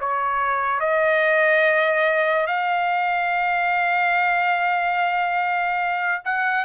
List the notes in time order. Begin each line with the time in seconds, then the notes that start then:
0.00 C#5
0.80 D#5
2.47 F5
6.24 F#5